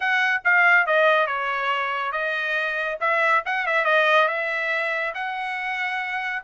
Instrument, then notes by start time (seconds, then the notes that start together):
trumpet
0.00 F#5
0.44 F5
0.86 D#5
1.26 C#5
2.12 D#5
3.00 E5
3.45 F#5
3.66 E5
3.85 D#5
4.28 E5
5.14 F#5